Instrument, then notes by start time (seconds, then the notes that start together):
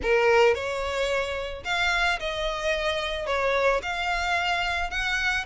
violin
0.02 A#4
0.54 C#5
1.64 F5
2.19 D#5
3.26 C#5
3.82 F5
4.90 F#5